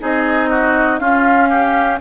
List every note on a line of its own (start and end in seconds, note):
0.00 1.00 C4
0.00 1.00 D#4
0.00 0.50 G#4
0.00 0.99 D#5
0.50 1.00 F#4
0.99 2.00 C#4
0.99 1.49 F4
0.99 1.99 F5
1.49 1.99 G4